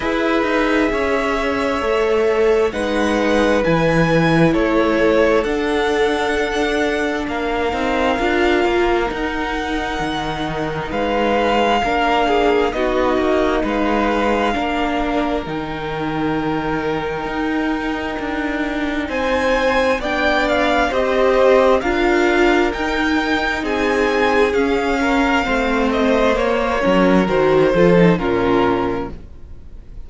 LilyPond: <<
  \new Staff \with { instrumentName = "violin" } { \time 4/4 \tempo 4 = 66 e''2. fis''4 | gis''4 cis''4 fis''2 | f''2 fis''2 | f''2 dis''4 f''4~ |
f''4 g''2.~ | g''4 gis''4 g''8 f''8 dis''4 | f''4 g''4 gis''4 f''4~ | f''8 dis''8 cis''4 c''4 ais'4 | }
  \new Staff \with { instrumentName = "violin" } { \time 4/4 b'4 cis''2 b'4~ | b'4 a'2. | ais'1 | b'4 ais'8 gis'8 fis'4 b'4 |
ais'1~ | ais'4 c''4 d''4 c''4 | ais'2 gis'4. ais'8 | c''4. ais'4 a'8 f'4 | }
  \new Staff \with { instrumentName = "viola" } { \time 4/4 gis'2 a'4 dis'4 | e'2 d'2~ | d'8 dis'8 f'4 dis'2~ | dis'4 d'4 dis'2 |
d'4 dis'2.~ | dis'2 d'4 g'4 | f'4 dis'2 cis'4 | c'4 ais8 cis'8 fis'8 f'16 dis'16 cis'4 | }
  \new Staff \with { instrumentName = "cello" } { \time 4/4 e'8 dis'8 cis'4 a4 gis4 | e4 a4 d'2 | ais8 c'8 d'8 ais8 dis'4 dis4 | gis4 ais4 b8 ais8 gis4 |
ais4 dis2 dis'4 | d'4 c'4 b4 c'4 | d'4 dis'4 c'4 cis'4 | a4 ais8 fis8 dis8 f8 ais,4 | }
>>